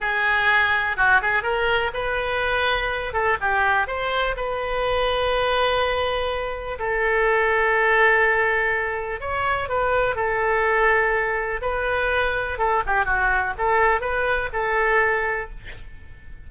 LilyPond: \new Staff \with { instrumentName = "oboe" } { \time 4/4 \tempo 4 = 124 gis'2 fis'8 gis'8 ais'4 | b'2~ b'8 a'8 g'4 | c''4 b'2.~ | b'2 a'2~ |
a'2. cis''4 | b'4 a'2. | b'2 a'8 g'8 fis'4 | a'4 b'4 a'2 | }